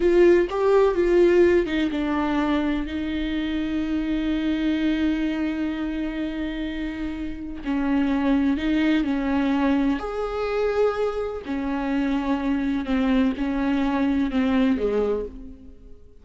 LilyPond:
\new Staff \with { instrumentName = "viola" } { \time 4/4 \tempo 4 = 126 f'4 g'4 f'4. dis'8 | d'2 dis'2~ | dis'1~ | dis'1 |
cis'2 dis'4 cis'4~ | cis'4 gis'2. | cis'2. c'4 | cis'2 c'4 gis4 | }